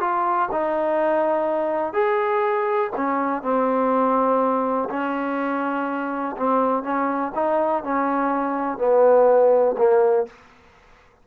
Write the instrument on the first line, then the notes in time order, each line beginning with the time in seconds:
trombone
0.00 F4
0.52 D#4
1.93 G#4
2.96 C#4
3.43 C4
4.90 C#4
6.37 C4
6.84 C#4
7.35 D#4
7.84 C#4
8.78 B3
9.78 A#3